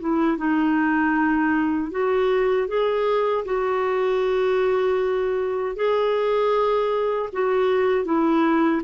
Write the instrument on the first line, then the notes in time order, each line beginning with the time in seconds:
clarinet
0.00 E4
0.38 D#4
1.91 F#4
2.68 G#4
3.45 F#4
5.76 G#4
7.33 F#4
8.05 E4